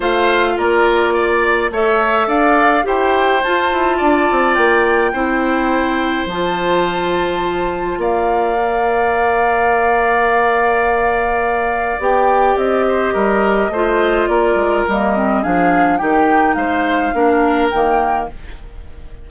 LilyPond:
<<
  \new Staff \with { instrumentName = "flute" } { \time 4/4 \tempo 4 = 105 f''4 d''2 e''4 | f''4 g''4 a''2 | g''2. a''4~ | a''2 f''2~ |
f''1~ | f''4 g''4 dis''2~ | dis''4 d''4 dis''4 f''4 | g''4 f''2 g''4 | }
  \new Staff \with { instrumentName = "oboe" } { \time 4/4 c''4 ais'4 d''4 cis''4 | d''4 c''2 d''4~ | d''4 c''2.~ | c''2 d''2~ |
d''1~ | d''2~ d''8 c''8 ais'4 | c''4 ais'2 gis'4 | g'4 c''4 ais'2 | }
  \new Staff \with { instrumentName = "clarinet" } { \time 4/4 f'2. a'4~ | a'4 g'4 f'2~ | f'4 e'2 f'4~ | f'2. ais'4~ |
ais'1~ | ais'4 g'2. | f'2 ais8 c'8 d'4 | dis'2 d'4 ais4 | }
  \new Staff \with { instrumentName = "bassoon" } { \time 4/4 a4 ais2 a4 | d'4 e'4 f'8 e'8 d'8 c'8 | ais4 c'2 f4~ | f2 ais2~ |
ais1~ | ais4 b4 c'4 g4 | a4 ais8 gis8 g4 f4 | dis4 gis4 ais4 dis4 | }
>>